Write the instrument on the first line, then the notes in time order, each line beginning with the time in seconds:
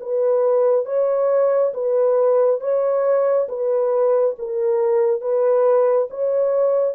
horn
0.00 B4
0.85 C#5
1.73 B4
2.60 C#5
3.49 B4
4.38 A#4
5.21 B4
6.10 C#5